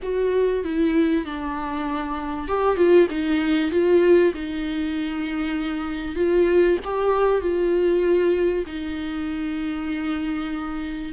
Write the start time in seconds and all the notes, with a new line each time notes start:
0.02 F#4
0.64 E4
1.25 D4
2.48 G4
2.76 F4
3.09 D#4
3.71 F4
4.34 D#4
6.15 F4
6.84 G4
7.41 F4
8.66 D#4